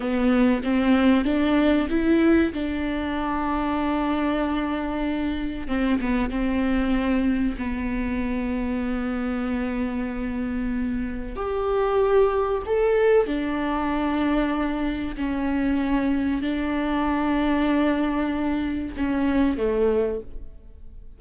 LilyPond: \new Staff \with { instrumentName = "viola" } { \time 4/4 \tempo 4 = 95 b4 c'4 d'4 e'4 | d'1~ | d'4 c'8 b8 c'2 | b1~ |
b2 g'2 | a'4 d'2. | cis'2 d'2~ | d'2 cis'4 a4 | }